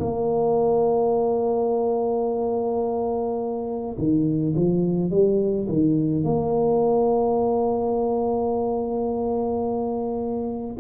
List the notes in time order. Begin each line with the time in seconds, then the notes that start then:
0.00 A#3
3.98 D#3
4.56 F3
5.11 G3
5.69 D#3
6.24 A#3